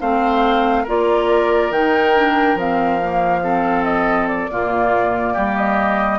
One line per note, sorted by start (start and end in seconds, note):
0.00 0.86 A3
0.00 0.86 C4
0.00 0.83 C5
0.00 0.86 F5
0.83 1.71 A#3
0.83 1.72 F4
0.83 3.40 A#4
0.83 1.72 D5
1.71 2.55 D#3
1.71 2.15 D#4
1.71 2.58 G5
2.15 2.58 D4
2.55 4.47 F3
2.55 3.01 C4
2.55 3.84 F5
3.02 3.43 A#3
3.43 4.50 C4
3.43 4.50 A4
3.84 4.27 D#5
4.27 5.56 D5
4.50 5.37 A#2
4.50 6.19 A#3
4.50 5.33 F4
5.33 6.19 G3
5.33 6.19 G4
5.56 6.19 D#5